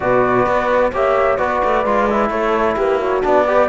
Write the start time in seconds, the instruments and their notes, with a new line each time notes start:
0.00 cello B2, trombone F#4, horn B4, flute D5
0.45 cello B3
0.92 cello A#3, trombone G4, horn C#5, flute E5
1.36 cello B3, trombone F#4, horn B4, flute D5
1.64 cello A3
1.85 cello G#3, trombone F4
2.10 trombone E4
2.30 cello A3, horn A4, flute C#5
2.76 cello A#3, horn G4, flute B4
2.99 horn F#4, flute C#5
3.22 cello B3, trombone D4, flute D5
3.45 trombone G4, horn B4